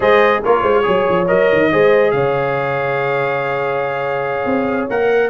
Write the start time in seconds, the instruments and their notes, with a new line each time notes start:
0.00 tuba G#3, trombone G#4, horn C5, trumpet D#5
0.44 tuba A#3, trombone F4, horn A#4, trumpet C#5
0.62 tuba G#3, horn C5
0.83 tuba F#3, trombone G#4, horn C#5
1.09 tuba F3
1.27 tuba F#3, trombone A#4, trumpet D#5
1.52 tuba D#3
1.71 tuba G#3, trombone G#4, horn C5
2.11 tuba C#3, horn C#5, trumpet F5
4.45 tuba C4
4.89 tuba A#3, trombone A#4, trumpet F#5